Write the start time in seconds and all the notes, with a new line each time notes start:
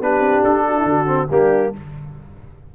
0.00 B3 D4 G4 B4
0.19 C4
0.43 D4 A4
0.66 F#4
0.76 E4
0.85 D3 F#4
1.06 C4
1.29 G3 A#3 D4 G4